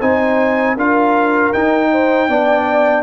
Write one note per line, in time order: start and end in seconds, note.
0.00 0.76 C4
0.00 0.77 D#4
0.00 0.76 C5
0.00 0.77 G#5
0.76 1.52 D4
0.76 1.54 F4
0.76 1.91 A#4
0.76 1.53 F5
1.53 2.28 D#4
1.53 2.29 D#4
1.53 3.03 G5
1.91 2.29 C5
2.28 3.03 B3
2.28 3.03 D4
2.28 3.03 D5